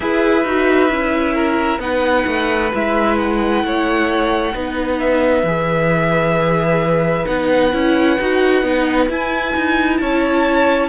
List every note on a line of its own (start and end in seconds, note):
0.00 0.44 E4
0.00 0.45 G#4
0.00 1.34 B4
0.00 1.80 E5
0.44 0.89 D#4
0.44 0.90 F#4
0.89 1.79 C#4
0.89 1.80 E4
1.34 1.79 A#4
1.79 2.24 B3
1.79 2.71 D#4
1.79 3.65 B4
1.79 2.71 F#5
2.27 2.72 A3
2.73 3.63 G#3
2.73 4.54 E4
2.73 3.18 E5
3.18 4.99 F#5
3.63 4.54 A3
3.63 4.55 C#5
4.54 5.43 B3
4.54 5.45 D#4
4.54 10.00 B4
4.99 7.26 E5
5.43 7.25 E3
5.43 7.26 G#4
7.26 7.73 B3
7.26 7.71 D#4
7.26 9.08 F#5
7.72 8.18 C#4
7.72 8.18 E4
8.20 8.62 D#4
8.20 8.63 F#4
8.62 9.08 B3
8.62 9.08 D#4
9.09 10.89 E4
9.09 9.54 E4
9.09 9.97 G#5
9.56 10.00 D#4
9.97 10.89 C#4
9.97 10.89 C#5
9.97 10.88 A5